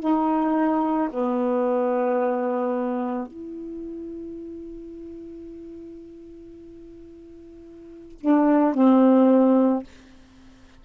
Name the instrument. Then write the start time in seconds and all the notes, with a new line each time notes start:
saxophone
0.00 D#4
1.11 B3
3.27 E4
8.20 D4
8.74 C4